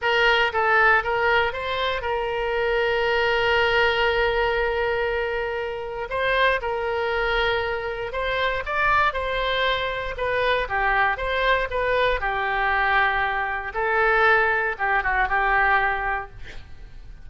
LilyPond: \new Staff \with { instrumentName = "oboe" } { \time 4/4 \tempo 4 = 118 ais'4 a'4 ais'4 c''4 | ais'1~ | ais'1 | c''4 ais'2. |
c''4 d''4 c''2 | b'4 g'4 c''4 b'4 | g'2. a'4~ | a'4 g'8 fis'8 g'2 | }